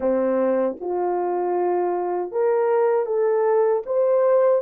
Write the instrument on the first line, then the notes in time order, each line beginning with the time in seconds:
horn
0.00 C4
0.80 F4
2.31 A#4
3.06 A4
3.85 C5